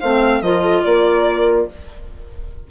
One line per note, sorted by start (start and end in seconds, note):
0.00 0.41 A3
0.00 0.44 C4
0.00 0.42 C5
0.00 0.42 F5
0.41 0.83 F3
0.41 1.69 F4
0.41 0.62 A#4
0.41 0.83 D#5
0.62 0.83 A4
0.83 1.68 A#3
0.83 1.70 A#4
0.83 1.67 D5